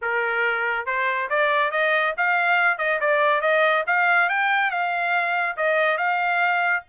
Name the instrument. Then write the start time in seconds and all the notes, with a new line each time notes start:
trumpet
0.01 A#4
0.86 C5
1.29 D5
1.71 D#5
2.17 F5
2.78 D#5
3.00 D5
3.41 D#5
3.86 F5
4.29 G5
4.70 F5
5.56 D#5
5.97 F5